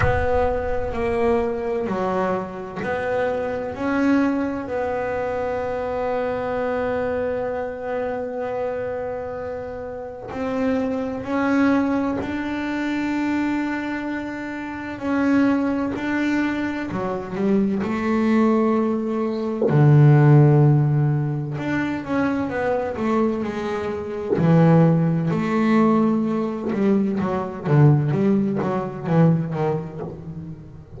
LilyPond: \new Staff \with { instrumentName = "double bass" } { \time 4/4 \tempo 4 = 64 b4 ais4 fis4 b4 | cis'4 b2.~ | b2. c'4 | cis'4 d'2. |
cis'4 d'4 fis8 g8 a4~ | a4 d2 d'8 cis'8 | b8 a8 gis4 e4 a4~ | a8 g8 fis8 d8 g8 fis8 e8 dis8 | }